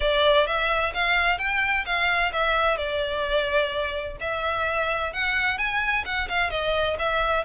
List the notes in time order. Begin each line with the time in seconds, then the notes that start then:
0.00 D5
0.46 E5
0.93 F5
1.38 G5
1.85 F5
2.32 E5
2.77 D5
4.20 E5
5.13 F#5
5.58 G#5
6.05 F#5
6.29 F5
6.50 D#5
6.99 E5